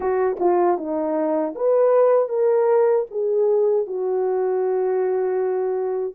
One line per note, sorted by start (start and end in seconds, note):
0.00 0.37 F#4
0.39 0.77 F4
0.77 1.54 D#4
1.55 2.29 B4
2.29 3.06 A#4
3.10 3.86 G#4
3.86 6.14 F#4